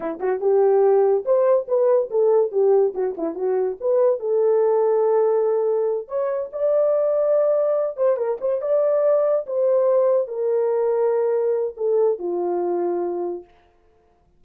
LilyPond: \new Staff \with { instrumentName = "horn" } { \time 4/4 \tempo 4 = 143 e'8 fis'8 g'2 c''4 | b'4 a'4 g'4 fis'8 e'8 | fis'4 b'4 a'2~ | a'2~ a'8 cis''4 d''8~ |
d''2. c''8 ais'8 | c''8 d''2 c''4.~ | c''8 ais'2.~ ais'8 | a'4 f'2. | }